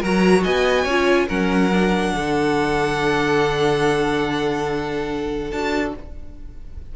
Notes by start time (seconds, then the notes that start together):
0.00 F#3 F#4 A#4 A#5
0.43 B3 D#5 G#5
0.84 C#4 F4 C#5
1.28 F#3 C#4 A#4 F#5
1.73 D4
2.14 D3 A4
5.51 D4 F#4 A5